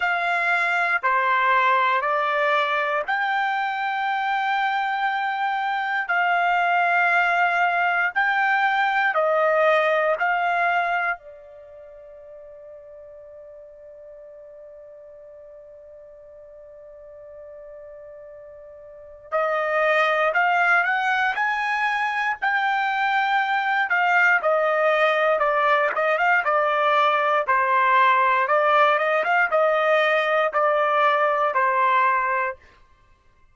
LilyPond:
\new Staff \with { instrumentName = "trumpet" } { \time 4/4 \tempo 4 = 59 f''4 c''4 d''4 g''4~ | g''2 f''2 | g''4 dis''4 f''4 d''4~ | d''1~ |
d''2. dis''4 | f''8 fis''8 gis''4 g''4. f''8 | dis''4 d''8 dis''16 f''16 d''4 c''4 | d''8 dis''16 f''16 dis''4 d''4 c''4 | }